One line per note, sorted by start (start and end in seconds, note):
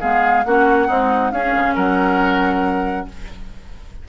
0.00 0.45 G#3
0.00 0.45 B3
0.00 0.44 G#4
0.00 0.44 F5
0.44 0.88 A#3
0.44 0.88 C#4
0.44 0.87 F#4
0.44 1.31 F#5
0.87 1.32 G#3
0.87 1.32 C4
0.87 1.31 D#4
1.31 1.54 C#4
1.31 3.08 C#4
1.31 1.75 G#4
1.31 1.75 F5
1.56 1.76 C#3
1.75 3.07 F#3
1.75 3.06 A#4
1.75 3.08 F#5